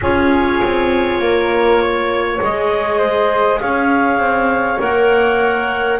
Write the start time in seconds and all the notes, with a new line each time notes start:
0.01 C#4 F4 G#4 C#5
0.63 C4
1.19 A#3 A#4
1.81 C#5
2.38 G#3 G#4 D#5
2.98 C5
3.60 C#4 C#5 F5
4.17 C4
4.78 A#3 A#4 F#5